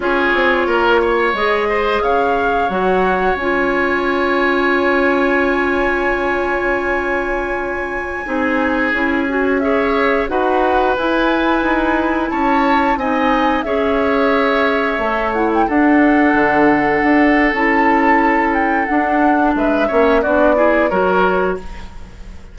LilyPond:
<<
  \new Staff \with { instrumentName = "flute" } { \time 4/4 \tempo 4 = 89 cis''2 dis''4 f''4 | fis''4 gis''2.~ | gis''1~ | gis''2~ gis''16 e''4 fis''8.~ |
fis''16 gis''2 a''4 gis''8.~ | gis''16 e''2~ e''8 fis''16 g''16 fis''8.~ | fis''2 a''4. g''8 | fis''4 e''4 d''4 cis''4 | }
  \new Staff \with { instrumentName = "oboe" } { \time 4/4 gis'4 ais'8 cis''4 c''8 cis''4~ | cis''1~ | cis''1~ | cis''16 gis'2 cis''4 b'8.~ |
b'2~ b'16 cis''4 dis''8.~ | dis''16 cis''2. a'8.~ | a'1~ | a'4 b'8 cis''8 fis'8 gis'8 ais'4 | }
  \new Staff \with { instrumentName = "clarinet" } { \time 4/4 f'2 gis'2 | fis'4 f'2.~ | f'1~ | f'16 dis'4 e'8 fis'8 gis'4 fis'8.~ |
fis'16 e'2. dis'8.~ | dis'16 gis'2 a'8 e'8 d'8.~ | d'2 e'2 | d'4. cis'8 d'8 e'8 fis'4 | }
  \new Staff \with { instrumentName = "bassoon" } { \time 4/4 cis'8 c'8 ais4 gis4 cis4 | fis4 cis'2.~ | cis'1~ | cis'16 c'4 cis'2 dis'8.~ |
dis'16 e'4 dis'4 cis'4 c'8.~ | c'16 cis'2 a4 d'8.~ | d'16 d4 d'8. cis'2 | d'4 gis8 ais8 b4 fis4 | }
>>